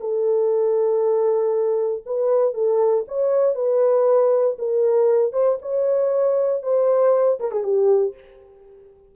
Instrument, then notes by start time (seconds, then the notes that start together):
horn
0.00 A4
2.06 B4
2.54 A4
3.08 C#5
3.55 B4
4.59 A#4
5.33 C5
5.62 C#5
6.63 C5
7.40 A#4
7.51 G#4
7.63 G4